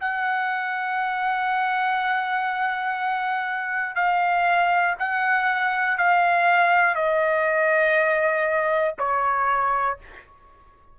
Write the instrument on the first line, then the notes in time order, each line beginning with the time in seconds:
trumpet
0.00 F#5
3.95 F5
4.99 F#5
5.98 F5
6.95 D#5
8.98 C#5